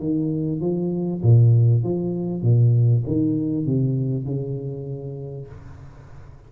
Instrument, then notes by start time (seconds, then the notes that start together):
tuba
0.00 D#3
0.61 F3
1.23 A#2
1.84 F3
2.43 A#2
3.07 D#3
3.66 C3
4.26 C#3